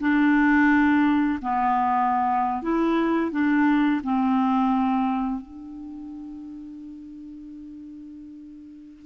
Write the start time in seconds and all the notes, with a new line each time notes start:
0.00 D4
1.42 B3
2.62 E4
3.31 D4
4.03 C4
5.41 D4